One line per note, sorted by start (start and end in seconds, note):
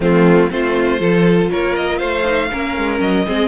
0.00 0.48 F3
0.00 0.49 A3
0.00 0.50 C4
0.00 0.50 F4
0.49 1.00 A3
0.49 0.97 C4
0.49 1.00 F4
0.49 1.50 C5
0.97 1.50 F3
0.97 2.23 F4
0.97 1.50 A4
1.51 2.01 A#3
1.51 1.98 A#4
1.51 1.75 C#5
1.75 1.97 D#5
1.97 2.51 A3
1.97 2.48 C5
1.97 2.98 F5
2.24 2.49 D#4
2.51 2.77 A#3
2.51 3.26 C#4
2.51 3.26 A#4
2.77 3.00 G#3
3.00 3.25 F#3
3.00 3.47 D#5
3.26 3.47 G#3
3.26 3.47 C4
3.26 3.47 G#4